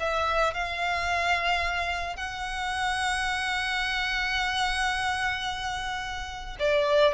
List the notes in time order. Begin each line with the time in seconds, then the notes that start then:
0.00 E5
0.54 F5
2.17 F#5
6.60 D5